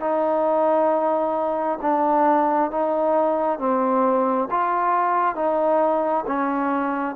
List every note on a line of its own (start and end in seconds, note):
0.00 1.79 D#4
1.82 2.71 D4
2.71 3.59 D#4
3.59 4.48 C4
4.51 5.35 F4
5.35 6.25 D#4
6.27 7.16 C#4